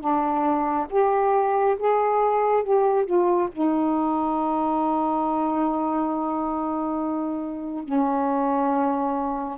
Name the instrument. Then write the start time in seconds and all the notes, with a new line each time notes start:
saxophone
0.00 D4
0.90 G4
1.78 G#4
2.63 G4
3.05 F4
3.52 D#4
7.84 C#4